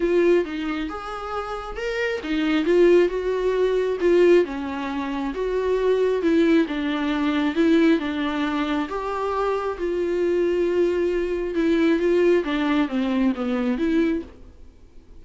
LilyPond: \new Staff \with { instrumentName = "viola" } { \time 4/4 \tempo 4 = 135 f'4 dis'4 gis'2 | ais'4 dis'4 f'4 fis'4~ | fis'4 f'4 cis'2 | fis'2 e'4 d'4~ |
d'4 e'4 d'2 | g'2 f'2~ | f'2 e'4 f'4 | d'4 c'4 b4 e'4 | }